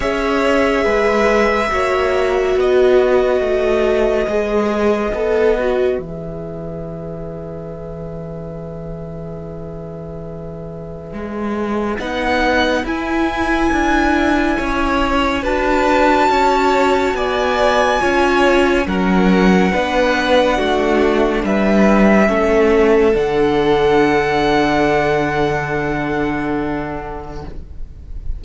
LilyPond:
<<
  \new Staff \with { instrumentName = "violin" } { \time 4/4 \tempo 4 = 70 e''2. dis''4~ | dis''2. e''4~ | e''1~ | e''2 fis''4 gis''4~ |
gis''2 a''2 | gis''2 fis''2~ | fis''4 e''2 fis''4~ | fis''1 | }
  \new Staff \with { instrumentName = "violin" } { \time 4/4 cis''4 b'4 cis''4 b'4~ | b'1~ | b'1~ | b'1~ |
b'4 cis''4 b'4 cis''4 | d''4 cis''4 ais'4 b'4 | fis'4 b'4 a'2~ | a'1 | }
  \new Staff \with { instrumentName = "viola" } { \time 4/4 gis'2 fis'2~ | fis'4 gis'4 a'8 fis'8 gis'4~ | gis'1~ | gis'2 dis'4 e'4~ |
e'2 fis'2~ | fis'4 f'4 cis'4 d'4~ | d'2 cis'4 d'4~ | d'1 | }
  \new Staff \with { instrumentName = "cello" } { \time 4/4 cis'4 gis4 ais4 b4 | a4 gis4 b4 e4~ | e1~ | e4 gis4 b4 e'4 |
d'4 cis'4 d'4 cis'4 | b4 cis'4 fis4 b4 | a4 g4 a4 d4~ | d1 | }
>>